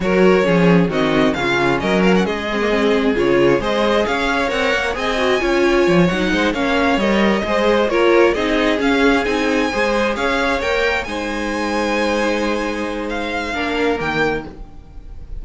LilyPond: <<
  \new Staff \with { instrumentName = "violin" } { \time 4/4 \tempo 4 = 133 cis''2 dis''4 f''4 | dis''8 f''16 fis''16 dis''2 cis''4 | dis''4 f''4 fis''4 gis''4~ | gis''4. fis''4 f''4 dis''8~ |
dis''4. cis''4 dis''4 f''8~ | f''8 gis''2 f''4 g''8~ | g''8 gis''2.~ gis''8~ | gis''4 f''2 g''4 | }
  \new Staff \with { instrumentName = "violin" } { \time 4/4 ais'4 gis'4 fis'4 f'4 | ais'4 gis'2. | c''4 cis''2 dis''4 | cis''2 c''8 cis''4.~ |
cis''8 c''4 ais'4 gis'4.~ | gis'4. c''4 cis''4.~ | cis''8 c''2.~ c''8~ | c''2 ais'2 | }
  \new Staff \with { instrumentName = "viola" } { \time 4/4 fis'4 cis'4 c'4 cis'4~ | cis'4. c'16 ais16 c'4 f'4 | gis'2 ais'4 gis'8 fis'8 | f'4. dis'4 cis'4 ais'8~ |
ais'8 gis'4 f'4 dis'4 cis'8~ | cis'8 dis'4 gis'2 ais'8~ | ais'8 dis'2.~ dis'8~ | dis'2 d'4 ais4 | }
  \new Staff \with { instrumentName = "cello" } { \time 4/4 fis4 f4 dis4 cis4 | fis4 gis2 cis4 | gis4 cis'4 c'8 ais8 c'4 | cis'4 f8 fis8 gis8 ais4 g8~ |
g8 gis4 ais4 c'4 cis'8~ | cis'8 c'4 gis4 cis'4 ais8~ | ais8 gis2.~ gis8~ | gis2 ais4 dis4 | }
>>